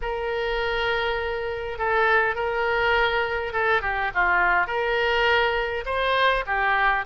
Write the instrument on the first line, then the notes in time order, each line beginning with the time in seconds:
oboe
0.01 A#4
1.78 A4
2.35 A#4
3.52 A4
3.81 G4
4.14 F4
4.67 A#4
5.85 C5
6.46 G4